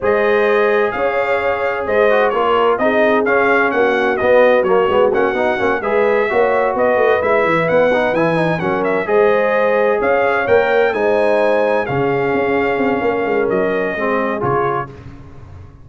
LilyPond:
<<
  \new Staff \with { instrumentName = "trumpet" } { \time 4/4 \tempo 4 = 129 dis''2 f''2 | dis''4 cis''4 dis''4 f''4 | fis''4 dis''4 cis''4 fis''4~ | fis''8 e''2 dis''4 e''8~ |
e''8 fis''4 gis''4 fis''8 e''8 dis''8~ | dis''4. f''4 g''4 gis''8~ | gis''4. f''2~ f''8~ | f''4 dis''2 cis''4 | }
  \new Staff \with { instrumentName = "horn" } { \time 4/4 c''2 cis''2 | c''4 ais'4 gis'2 | fis'1~ | fis'8 b'4 cis''4 b'4.~ |
b'2~ b'8 ais'4 c''8~ | c''4. cis''2 c''8~ | c''4. gis'2~ gis'8 | ais'2 gis'2 | }
  \new Staff \with { instrumentName = "trombone" } { \time 4/4 gis'1~ | gis'8 fis'8 f'4 dis'4 cis'4~ | cis'4 b4 ais8 b8 cis'8 dis'8 | cis'8 gis'4 fis'2 e'8~ |
e'4 dis'8 e'8 dis'8 cis'4 gis'8~ | gis'2~ gis'8 ais'4 dis'8~ | dis'4. cis'2~ cis'8~ | cis'2 c'4 f'4 | }
  \new Staff \with { instrumentName = "tuba" } { \time 4/4 gis2 cis'2 | gis4 ais4 c'4 cis'4 | ais4 b4 fis8 gis8 ais8 b8 | ais8 gis4 ais4 b8 a8 gis8 |
e8 b4 e4 fis4 gis8~ | gis4. cis'4 ais4 gis8~ | gis4. cis4 cis'4 c'8 | ais8 gis8 fis4 gis4 cis4 | }
>>